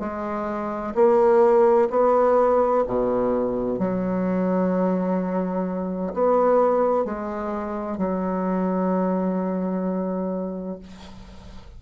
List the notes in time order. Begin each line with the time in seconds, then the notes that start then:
0.00 G#3
0.95 A#3
1.90 B3
2.87 B2
3.79 F#3
6.14 B3
7.05 G#3
7.98 F#3